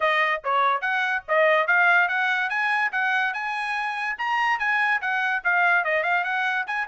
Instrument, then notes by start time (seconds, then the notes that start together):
trumpet
0.00 D#5
0.44 C#5
0.81 F#5
1.28 D#5
1.67 F5
2.08 F#5
2.49 G#5
2.92 F#5
3.33 G#5
4.18 A#5
4.59 G#5
5.01 F#5
5.43 F5
5.84 D#5
6.03 F5
6.23 F#5
6.66 G#5